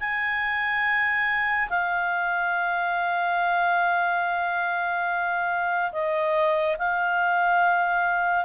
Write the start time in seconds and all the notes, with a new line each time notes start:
0.00 G#5
1.69 F5
5.92 D#5
6.78 F5